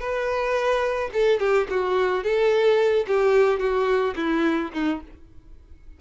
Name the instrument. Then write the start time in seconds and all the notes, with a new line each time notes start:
violin
0.00 B4
1.13 A4
1.40 G4
1.70 F#4
2.23 A4
3.07 G4
3.60 F#4
4.16 E4
4.73 D#4